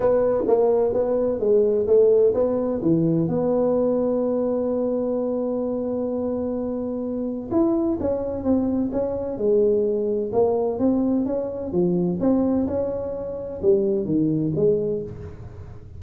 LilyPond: \new Staff \with { instrumentName = "tuba" } { \time 4/4 \tempo 4 = 128 b4 ais4 b4 gis4 | a4 b4 e4 b4~ | b1~ | b1 |
e'4 cis'4 c'4 cis'4 | gis2 ais4 c'4 | cis'4 f4 c'4 cis'4~ | cis'4 g4 dis4 gis4 | }